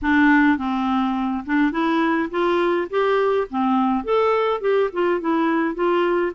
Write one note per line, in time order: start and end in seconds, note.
0.02 0.57 D4
0.57 1.44 C4
1.46 1.71 D4
1.71 2.29 E4
2.30 2.88 F4
2.90 3.47 G4
3.50 4.04 C4
4.04 4.60 A4
4.60 4.89 G4
4.92 5.20 F4
5.20 5.74 E4
5.74 6.32 F4